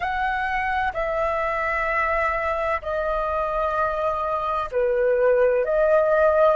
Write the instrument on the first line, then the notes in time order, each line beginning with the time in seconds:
flute
0.00 F#5
0.93 E5
2.82 D#5
4.71 B4
5.64 D#5